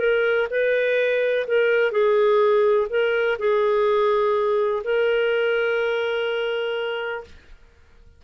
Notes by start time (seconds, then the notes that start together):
0.00 A#4
0.51 B4
1.48 A#4
1.92 G#4
2.90 A#4
3.39 G#4
4.85 A#4